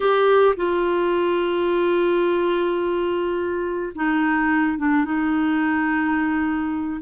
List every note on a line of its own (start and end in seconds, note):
0.00 0.55 G4
0.56 3.92 F4
3.95 4.78 D#4
4.78 5.04 D4
5.04 7.01 D#4